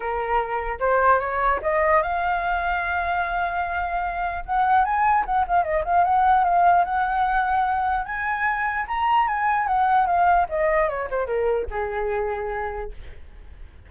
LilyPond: \new Staff \with { instrumentName = "flute" } { \time 4/4 \tempo 4 = 149 ais'2 c''4 cis''4 | dis''4 f''2.~ | f''2. fis''4 | gis''4 fis''8 f''8 dis''8 f''8 fis''4 |
f''4 fis''2. | gis''2 ais''4 gis''4 | fis''4 f''4 dis''4 cis''8 c''8 | ais'4 gis'2. | }